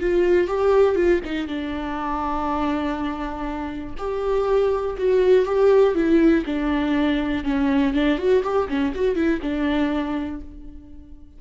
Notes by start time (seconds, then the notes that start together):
0.00 F4
0.48 G4
0.96 F4
1.25 D#4
1.47 D4
3.98 G4
4.98 F#4
5.46 G4
5.95 E4
6.46 D4
7.44 C#4
7.94 D4
8.18 F#4
8.43 G4
8.69 C#4
8.95 F#4
9.15 E4
9.42 D4